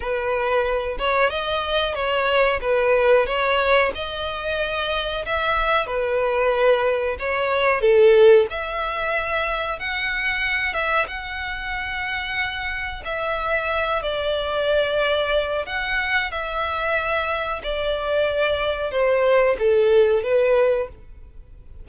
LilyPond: \new Staff \with { instrumentName = "violin" } { \time 4/4 \tempo 4 = 92 b'4. cis''8 dis''4 cis''4 | b'4 cis''4 dis''2 | e''4 b'2 cis''4 | a'4 e''2 fis''4~ |
fis''8 e''8 fis''2. | e''4. d''2~ d''8 | fis''4 e''2 d''4~ | d''4 c''4 a'4 b'4 | }